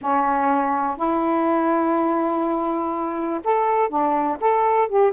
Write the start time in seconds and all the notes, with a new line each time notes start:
0.01 C#4
0.96 E4
3.43 A4
3.89 D4
4.40 A4
4.88 G4